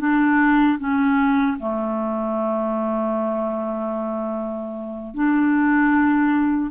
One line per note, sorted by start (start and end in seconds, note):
0.00 0.79 D4
0.79 1.58 C#4
1.60 5.15 A3
5.15 6.71 D4